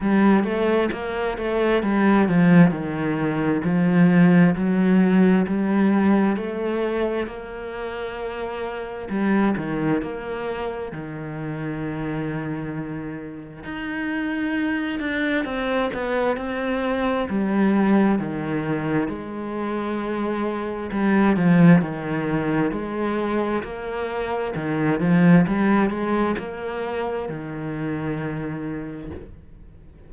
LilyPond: \new Staff \with { instrumentName = "cello" } { \time 4/4 \tempo 4 = 66 g8 a8 ais8 a8 g8 f8 dis4 | f4 fis4 g4 a4 | ais2 g8 dis8 ais4 | dis2. dis'4~ |
dis'8 d'8 c'8 b8 c'4 g4 | dis4 gis2 g8 f8 | dis4 gis4 ais4 dis8 f8 | g8 gis8 ais4 dis2 | }